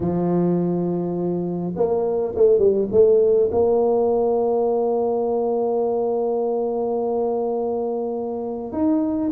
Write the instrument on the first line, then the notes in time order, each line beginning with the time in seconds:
tuba
0.00 F3
1.76 A#3
2.35 A3
2.58 G3
2.91 A3
3.51 A#3
8.72 D#4